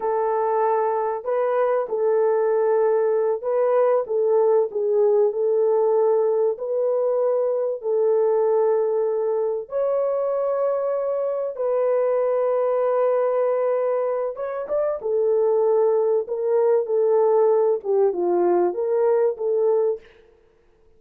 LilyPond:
\new Staff \with { instrumentName = "horn" } { \time 4/4 \tempo 4 = 96 a'2 b'4 a'4~ | a'4. b'4 a'4 gis'8~ | gis'8 a'2 b'4.~ | b'8 a'2. cis''8~ |
cis''2~ cis''8 b'4.~ | b'2. cis''8 d''8 | a'2 ais'4 a'4~ | a'8 g'8 f'4 ais'4 a'4 | }